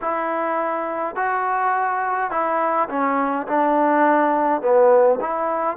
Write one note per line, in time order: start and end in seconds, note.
0.01 1.15 E4
1.15 2.30 F#4
2.30 2.88 E4
2.88 3.46 C#4
3.47 4.62 D4
4.62 5.19 B3
5.20 5.76 E4